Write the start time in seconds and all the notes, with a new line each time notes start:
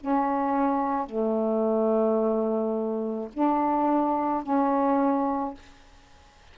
0.00 C#4
1.06 A3
3.33 D4
4.42 C#4